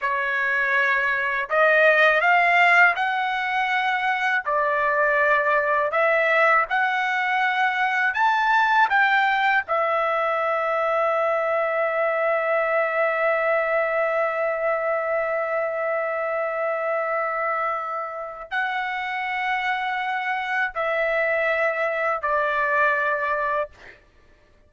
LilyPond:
\new Staff \with { instrumentName = "trumpet" } { \time 4/4 \tempo 4 = 81 cis''2 dis''4 f''4 | fis''2 d''2 | e''4 fis''2 a''4 | g''4 e''2.~ |
e''1~ | e''1~ | e''4 fis''2. | e''2 d''2 | }